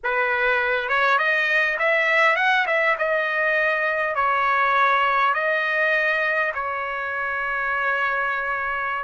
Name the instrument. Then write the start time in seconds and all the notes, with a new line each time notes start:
trumpet
0.03 B4
0.88 C#5
1.18 D#5
1.78 E5
2.36 F#5
2.67 E5
2.98 D#5
4.15 C#5
5.34 D#5
6.54 C#5